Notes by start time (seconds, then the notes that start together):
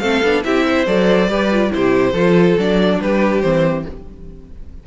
0.00 A3 C4 A4 F5
0.23 B3 D4
0.44 C4 E4 G4 E5
0.67 C5
0.87 F#3 A4 D5
1.29 G3 G4 B4
1.52 F4
1.70 C3 E4 G4 C5
2.13 F3 F4 A4
2.58 F#3 D4 D5
3.01 G3 G4 B4
3.42 E3 C4 C5